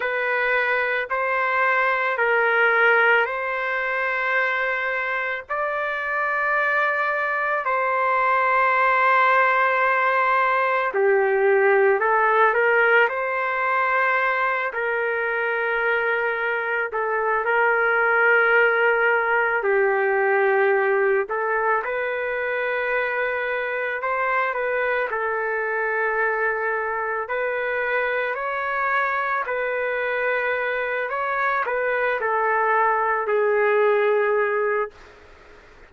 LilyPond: \new Staff \with { instrumentName = "trumpet" } { \time 4/4 \tempo 4 = 55 b'4 c''4 ais'4 c''4~ | c''4 d''2 c''4~ | c''2 g'4 a'8 ais'8 | c''4. ais'2 a'8 |
ais'2 g'4. a'8 | b'2 c''8 b'8 a'4~ | a'4 b'4 cis''4 b'4~ | b'8 cis''8 b'8 a'4 gis'4. | }